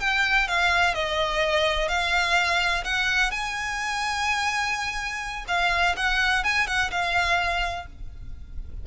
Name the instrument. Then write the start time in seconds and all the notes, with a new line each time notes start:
violin
0.00 G5
0.48 F5
0.94 D#5
1.89 F5
2.84 F#5
3.31 G#5
5.48 F5
5.97 F#5
6.44 G#5
6.67 F#5
6.91 F5